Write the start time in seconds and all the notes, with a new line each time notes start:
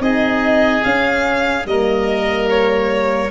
0.00 C4 D#4 G#4 D#5
0.84 C#4 F5
1.66 G3 A#3 A#4 D#5
2.50 C#5